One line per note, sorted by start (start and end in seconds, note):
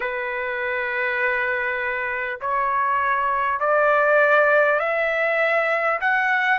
0.00 2.39 B4
2.40 3.59 C#5
3.59 4.79 D5
4.79 5.99 E5
6.01 6.58 F#5